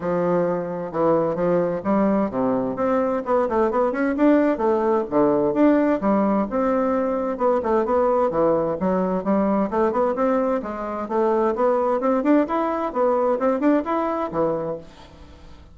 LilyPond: \new Staff \with { instrumentName = "bassoon" } { \time 4/4 \tempo 4 = 130 f2 e4 f4 | g4 c4 c'4 b8 a8 | b8 cis'8 d'4 a4 d4 | d'4 g4 c'2 |
b8 a8 b4 e4 fis4 | g4 a8 b8 c'4 gis4 | a4 b4 c'8 d'8 e'4 | b4 c'8 d'8 e'4 e4 | }